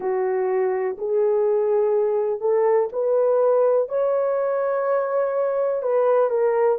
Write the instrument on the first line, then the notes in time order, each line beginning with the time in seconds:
horn
0.00 F#4
0.98 G#4
2.40 A4
2.92 B4
3.88 C#5
5.82 B4
6.29 A#4